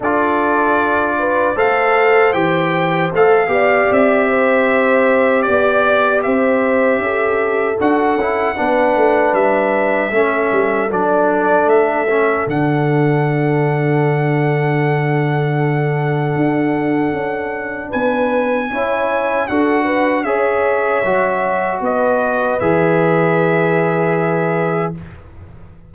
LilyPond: <<
  \new Staff \with { instrumentName = "trumpet" } { \time 4/4 \tempo 4 = 77 d''2 f''4 g''4 | f''4 e''2 d''4 | e''2 fis''2 | e''2 d''4 e''4 |
fis''1~ | fis''2. gis''4~ | gis''4 fis''4 e''2 | dis''4 e''2. | }
  \new Staff \with { instrumentName = "horn" } { \time 4/4 a'4. b'8 c''2~ | c''8 d''4 c''4. d''4 | c''4 a'2 b'4~ | b'4 a'2.~ |
a'1~ | a'2. b'4 | cis''4 a'8 b'8 cis''2 | b'1 | }
  \new Staff \with { instrumentName = "trombone" } { \time 4/4 f'2 a'4 g'4 | a'8 g'2.~ g'8~ | g'2 fis'8 e'8 d'4~ | d'4 cis'4 d'4. cis'8 |
d'1~ | d'1 | e'4 fis'4 gis'4 fis'4~ | fis'4 gis'2. | }
  \new Staff \with { instrumentName = "tuba" } { \time 4/4 d'2 a4 e4 | a8 b8 c'2 b4 | c'4 cis'4 d'8 cis'8 b8 a8 | g4 a8 g8 fis4 a4 |
d1~ | d4 d'4 cis'4 b4 | cis'4 d'4 cis'4 fis4 | b4 e2. | }
>>